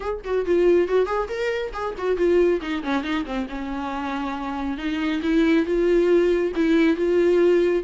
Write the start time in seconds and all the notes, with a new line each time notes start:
0.00 G#4
0.24 F#4
0.45 F4
0.87 F#4
1.06 G#4
1.28 A#4
1.73 G#4
1.98 F#4
2.16 F4
2.61 D#4
2.83 C#4
3.03 D#4
3.25 C4
3.49 C#4
4.77 D#4
5.22 E4
5.65 F4
6.55 E4
6.96 F4